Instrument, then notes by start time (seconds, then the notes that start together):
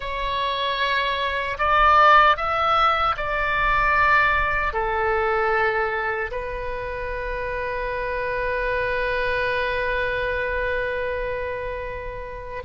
oboe
0.00 C#5
1.58 D5
2.36 E5
3.17 D5
4.73 A4
6.31 B4